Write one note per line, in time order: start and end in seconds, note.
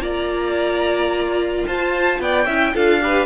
0.00 1.64 A#3
0.00 2.46 F4
0.00 1.65 D5
0.00 1.64 A#5
1.66 2.19 F4
1.66 2.21 C5
1.66 2.21 A5
2.19 2.46 B3
2.19 2.46 D5
2.19 2.75 G5
2.46 2.74 C#4
2.46 2.74 E4
2.46 2.73 E5
2.73 3.25 D4
2.73 3.01 F4
2.73 3.00 A4
2.73 3.25 F5
3.01 3.25 G4
3.01 3.25 B4